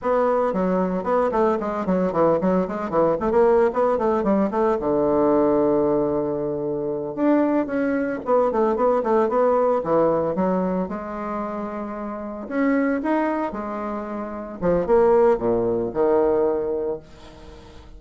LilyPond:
\new Staff \with { instrumentName = "bassoon" } { \time 4/4 \tempo 4 = 113 b4 fis4 b8 a8 gis8 fis8 | e8 fis8 gis8 e8 a16 ais8. b8 a8 | g8 a8 d2.~ | d4. d'4 cis'4 b8 |
a8 b8 a8 b4 e4 fis8~ | fis8 gis2. cis'8~ | cis'8 dis'4 gis2 f8 | ais4 ais,4 dis2 | }